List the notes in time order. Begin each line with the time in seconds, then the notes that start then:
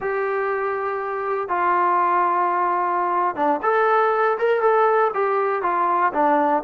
0.00 G4
1.48 F4
3.35 D4
3.62 A4
4.38 A#4
4.61 A4
5.14 G4
5.62 F4
6.13 D4